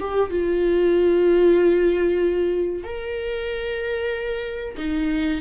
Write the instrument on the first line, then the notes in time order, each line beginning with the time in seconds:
viola
0.00 G4
0.30 F4
2.84 A#4
4.78 D#4